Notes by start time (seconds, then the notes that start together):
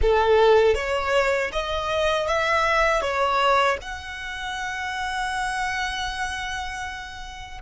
0.01 A4
0.74 C#5
1.52 D#5
2.27 E5
3.01 C#5
3.81 F#5